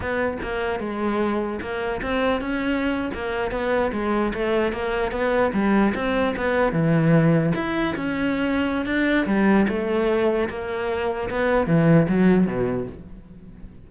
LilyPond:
\new Staff \with { instrumentName = "cello" } { \time 4/4 \tempo 4 = 149 b4 ais4 gis2 | ais4 c'4 cis'4.~ cis'16 ais16~ | ais8. b4 gis4 a4 ais16~ | ais8. b4 g4 c'4 b16~ |
b8. e2 e'4 cis'16~ | cis'2 d'4 g4 | a2 ais2 | b4 e4 fis4 b,4 | }